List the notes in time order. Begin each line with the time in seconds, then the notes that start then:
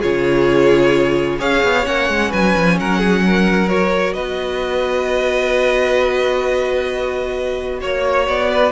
0.00 C#3 F4 G#4 C#5
1.39 C#4 G#4 C#5 F5
1.64 B3
1.84 A#3 C#4 F#5
2.09 G#3
2.30 F#3 B4 G#5
2.57 F3
2.80 F#3 A#4 F#5
2.99 G#4
3.26 A#4
3.69 F#4 C#5
4.14 B3 B4 D#5
7.81 A#3 C#5
8.28 B3 D5
8.51 B4